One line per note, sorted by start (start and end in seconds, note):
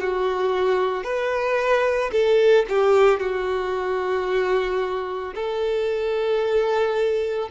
0.00 1.03 F#4
1.03 2.10 B4
2.12 2.65 A4
2.69 3.19 G4
3.19 5.34 F#4
5.35 7.49 A4